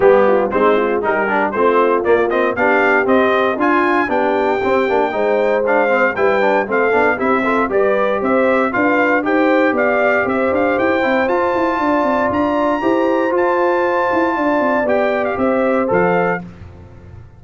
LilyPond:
<<
  \new Staff \with { instrumentName = "trumpet" } { \time 4/4 \tempo 4 = 117 g'4 c''4 ais'4 c''4 | d''8 dis''8 f''4 dis''4 gis''4 | g''2. f''4 | g''4 f''4 e''4 d''4 |
e''4 f''4 g''4 f''4 | e''8 f''8 g''4 a''2 | ais''2 a''2~ | a''4 g''8. f''16 e''4 f''4 | }
  \new Staff \with { instrumentName = "horn" } { \time 4/4 g'8 f'8 dis'8 f'8 g'4 f'4~ | f'4 g'2 f'4 | g'2 c''2 | b'4 a'4 g'8 a'8 b'4 |
c''4 b'4 c''4 d''4 | c''2. d''4~ | d''4 c''2. | d''2 c''2 | }
  \new Staff \with { instrumentName = "trombone" } { \time 4/4 b4 c'4 dis'8 d'8 c'4 | ais8 c'8 d'4 c'4 f'4 | d'4 c'8 d'8 dis'4 d'8 c'8 | e'8 d'8 c'8 d'8 e'8 f'8 g'4~ |
g'4 f'4 g'2~ | g'4. e'8 f'2~ | f'4 g'4 f'2~ | f'4 g'2 a'4 | }
  \new Staff \with { instrumentName = "tuba" } { \time 4/4 g4 gis4 g4 a4 | ais4 b4 c'4 d'4 | b4 c'8 ais8 gis2 | g4 a8 b8 c'4 g4 |
c'4 d'4 dis'4 b4 | c'8 d'8 e'8 c'8 f'8 e'8 d'8 c'8 | d'4 e'4 f'4. e'8 | d'8 c'8 b4 c'4 f4 | }
>>